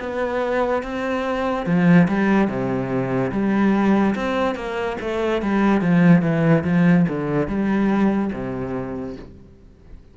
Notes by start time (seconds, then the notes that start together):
0.00 B3
0.83 C4
1.67 F3
2.08 G3
2.48 C3
3.32 G3
4.16 C4
4.56 A#3
5.01 A3
5.42 G3
5.82 F3
6.22 E3
6.65 F3
7.09 D3
7.48 G3
8.33 C3